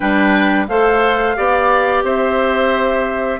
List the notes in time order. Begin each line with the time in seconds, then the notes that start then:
0.00 G3 D4 B4 G5
0.67 A3 A4 C5 F5
1.36 B3 G4 D5
2.03 C4 C5 E5